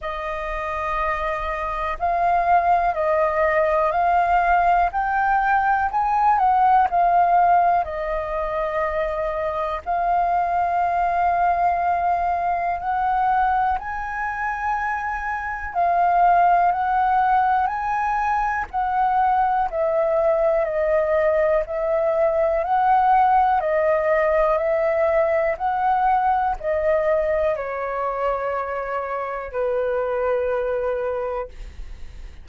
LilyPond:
\new Staff \with { instrumentName = "flute" } { \time 4/4 \tempo 4 = 61 dis''2 f''4 dis''4 | f''4 g''4 gis''8 fis''8 f''4 | dis''2 f''2~ | f''4 fis''4 gis''2 |
f''4 fis''4 gis''4 fis''4 | e''4 dis''4 e''4 fis''4 | dis''4 e''4 fis''4 dis''4 | cis''2 b'2 | }